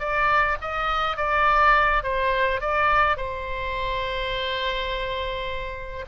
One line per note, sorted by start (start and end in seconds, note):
0.00 0.58 D5
0.61 1.17 D#5
1.17 2.03 D5
2.03 2.61 C5
2.61 3.17 D5
3.17 6.06 C5